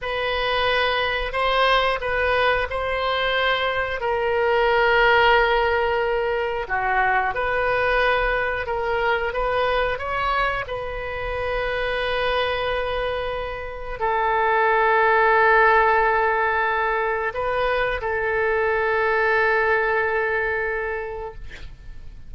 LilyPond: \new Staff \with { instrumentName = "oboe" } { \time 4/4 \tempo 4 = 90 b'2 c''4 b'4 | c''2 ais'2~ | ais'2 fis'4 b'4~ | b'4 ais'4 b'4 cis''4 |
b'1~ | b'4 a'2.~ | a'2 b'4 a'4~ | a'1 | }